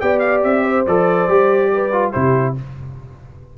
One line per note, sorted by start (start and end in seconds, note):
0.00 0.44 B3
0.00 0.86 G4
0.00 0.63 D5
0.00 0.19 G5
0.19 0.41 F5
0.44 0.86 C4
0.44 0.86 E5
0.63 1.70 C5
0.87 1.28 F3
0.87 1.29 A4
0.87 2.12 D5
1.28 2.13 G3
1.28 1.92 G4
1.73 2.12 B4
1.92 2.13 F4
2.12 2.58 C3
2.12 2.56 E4
2.12 2.55 G4
2.12 2.55 C5